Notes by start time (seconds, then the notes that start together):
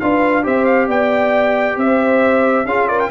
0.00 D4 F4 B4 F5
0.44 C4 G4 C5 E5
0.65 F5
0.88 B3 D5 G5
1.77 C4 C5 E5
2.65 C#4 F4 G#4 F5
2.88 A#4 D5
3.00 G5